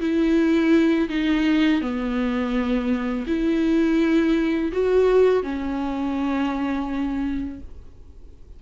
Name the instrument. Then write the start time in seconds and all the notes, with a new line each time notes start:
viola
0.00 E4
1.09 D#4
1.81 B3
3.27 E4
4.72 F#4
5.42 C#4